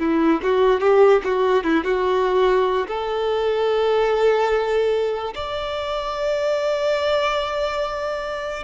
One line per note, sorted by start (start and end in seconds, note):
0.00 0.41 E4
0.43 0.81 F#4
0.81 1.22 G4
1.24 1.64 F#4
1.64 1.85 E4
1.85 2.87 F#4
2.88 5.34 A4
5.35 8.64 D5